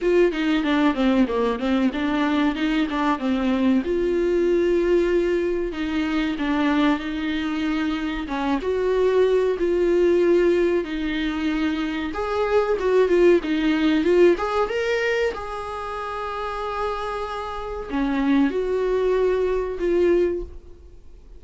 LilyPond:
\new Staff \with { instrumentName = "viola" } { \time 4/4 \tempo 4 = 94 f'8 dis'8 d'8 c'8 ais8 c'8 d'4 | dis'8 d'8 c'4 f'2~ | f'4 dis'4 d'4 dis'4~ | dis'4 cis'8 fis'4. f'4~ |
f'4 dis'2 gis'4 | fis'8 f'8 dis'4 f'8 gis'8 ais'4 | gis'1 | cis'4 fis'2 f'4 | }